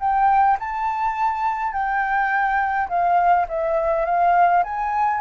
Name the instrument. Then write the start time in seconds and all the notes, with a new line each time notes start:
flute
0.00 G5
0.60 A5
1.73 G5
2.89 F5
3.49 E5
4.06 F5
4.64 G#5